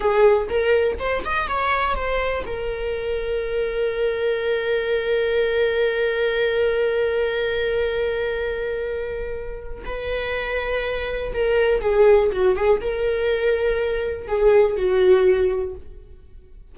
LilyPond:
\new Staff \with { instrumentName = "viola" } { \time 4/4 \tempo 4 = 122 gis'4 ais'4 c''8 dis''8 cis''4 | c''4 ais'2.~ | ais'1~ | ais'1~ |
ais'1 | b'2. ais'4 | gis'4 fis'8 gis'8 ais'2~ | ais'4 gis'4 fis'2 | }